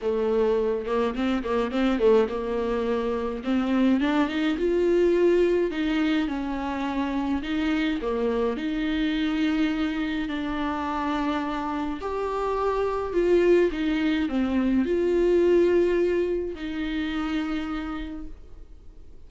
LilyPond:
\new Staff \with { instrumentName = "viola" } { \time 4/4 \tempo 4 = 105 a4. ais8 c'8 ais8 c'8 a8 | ais2 c'4 d'8 dis'8 | f'2 dis'4 cis'4~ | cis'4 dis'4 ais4 dis'4~ |
dis'2 d'2~ | d'4 g'2 f'4 | dis'4 c'4 f'2~ | f'4 dis'2. | }